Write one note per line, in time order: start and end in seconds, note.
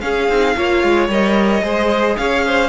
0.00 0.27 C#4
0.00 0.28 C#4
0.00 0.56 G#4
0.00 1.07 F5
0.28 0.55 C4
0.28 0.56 D#4
0.56 0.83 A#3
0.56 1.10 F4
0.56 1.64 C#5
0.83 1.08 G#3
1.08 1.62 G3
1.08 1.63 A#4
1.08 2.16 D#5
1.62 2.16 G#3
1.62 2.69 G#4
1.62 2.17 C5
2.16 2.69 C#4
2.16 2.45 C#5
2.16 2.69 F5
2.46 2.69 C5